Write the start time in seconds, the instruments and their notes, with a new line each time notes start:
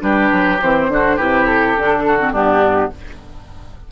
0.00 bassoon G3, clarinet D4, oboe G4, flute B4
0.31 bassoon F#3
0.61 bassoon E3, clarinet C4, flute C5
0.88 bassoon D3, clarinet D4, oboe F#4
1.16 bassoon C3, clarinet E4, oboe G4, flute B4
1.46 flute A4
1.77 bassoon D3, clarinet D4
2.07 oboe F#4
2.19 clarinet C4
2.32 bassoon G2, clarinet B3, oboe D4, flute G4